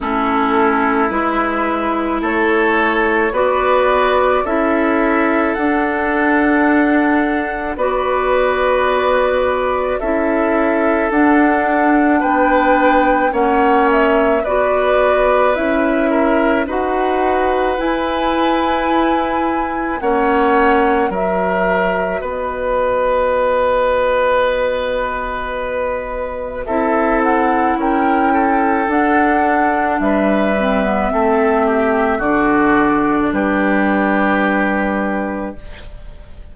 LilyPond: <<
  \new Staff \with { instrumentName = "flute" } { \time 4/4 \tempo 4 = 54 a'4 b'4 cis''4 d''4 | e''4 fis''2 d''4~ | d''4 e''4 fis''4 g''4 | fis''8 e''8 d''4 e''4 fis''4 |
gis''2 fis''4 e''4 | dis''1 | e''8 fis''8 g''4 fis''4 e''4~ | e''4 d''4 b'2 | }
  \new Staff \with { instrumentName = "oboe" } { \time 4/4 e'2 a'4 b'4 | a'2. b'4~ | b'4 a'2 b'4 | cis''4 b'4. ais'8 b'4~ |
b'2 cis''4 ais'4 | b'1 | a'4 ais'8 a'4. b'4 | a'8 g'8 fis'4 g'2 | }
  \new Staff \with { instrumentName = "clarinet" } { \time 4/4 cis'4 e'2 fis'4 | e'4 d'2 fis'4~ | fis'4 e'4 d'2 | cis'4 fis'4 e'4 fis'4 |
e'2 cis'4 fis'4~ | fis'1 | e'2 d'4. c'16 b16 | c'4 d'2. | }
  \new Staff \with { instrumentName = "bassoon" } { \time 4/4 a4 gis4 a4 b4 | cis'4 d'2 b4~ | b4 cis'4 d'4 b4 | ais4 b4 cis'4 dis'4 |
e'2 ais4 fis4 | b1 | c'4 cis'4 d'4 g4 | a4 d4 g2 | }
>>